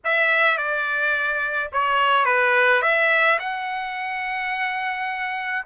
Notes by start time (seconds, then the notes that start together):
0.04 E5
0.57 D5
1.72 C#5
2.25 B4
2.82 E5
3.39 F#5